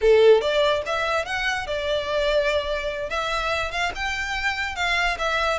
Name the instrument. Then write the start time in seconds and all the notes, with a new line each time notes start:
violin
0.01 A4
0.41 D5
0.85 E5
1.25 F#5
1.67 D5
3.09 E5
3.71 F5
3.95 G5
4.75 F5
5.18 E5